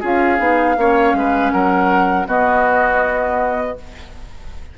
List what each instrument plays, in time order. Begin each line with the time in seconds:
0.00 bassoon C#4, clarinet F4, oboe G#4, flute F5
0.38 bassoon B3, clarinet D#4
0.77 bassoon A#3, clarinet C#4, oboe C#5
1.13 bassoon G#3, oboe B4
1.51 bassoon F#3, oboe A#4, flute F#5
2.27 bassoon B3, clarinet B3, oboe F#4, flute D#5